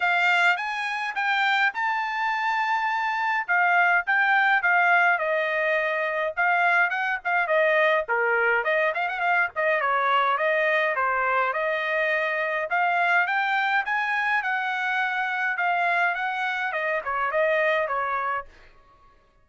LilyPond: \new Staff \with { instrumentName = "trumpet" } { \time 4/4 \tempo 4 = 104 f''4 gis''4 g''4 a''4~ | a''2 f''4 g''4 | f''4 dis''2 f''4 | fis''8 f''8 dis''4 ais'4 dis''8 f''16 fis''16 |
f''8 dis''8 cis''4 dis''4 c''4 | dis''2 f''4 g''4 | gis''4 fis''2 f''4 | fis''4 dis''8 cis''8 dis''4 cis''4 | }